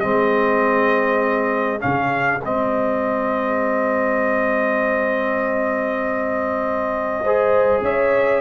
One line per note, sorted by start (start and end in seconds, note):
0.00 1.83 G#3
0.00 1.79 C4
0.00 7.22 G#4
0.00 1.80 D#5
1.79 2.42 C#3
1.79 2.39 C#4
1.79 2.41 F5
2.42 7.81 G#3
2.42 7.24 C4
2.42 7.84 D#5
7.23 8.41 G#4
7.23 7.83 C5
7.81 8.41 C#4
7.81 8.41 C#5
7.81 8.41 E5